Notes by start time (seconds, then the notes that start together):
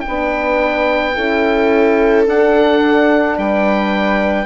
0.00 D4 G5
0.06 B3 B4
1.14 C#4 E4 A4
2.25 D4 F#5
3.37 G3 B4 G5